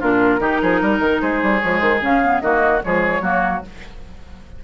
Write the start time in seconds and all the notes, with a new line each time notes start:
0.00 A#2 D4 F4 A#4
0.40 D#3 D#4 G4
0.62 F3 G#4
0.81 G3 A#4
0.99 D#3
1.21 G#3 G#4 C5
1.42 G3
1.60 F3 G#3 C#5
1.79 D#3 C5
2.02 C#3 C#4 F5
2.23 B3
2.41 D#3 A#3 F#4 D#5
2.82 F3 G#3 G#4 C#5
3.21 F#3 A#3 F#4